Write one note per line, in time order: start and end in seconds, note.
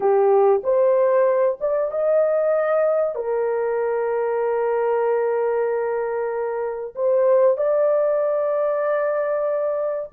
0.00 0.61 G4
0.63 1.58 C5
1.60 1.91 D5
1.91 3.15 D#5
3.15 6.94 A#4
6.95 7.57 C5
7.57 10.09 D5